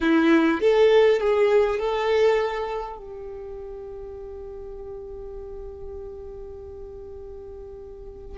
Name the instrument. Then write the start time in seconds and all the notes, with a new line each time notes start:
violin
0.01 E4
0.60 A4
1.20 G#4
1.79 A4
2.97 G4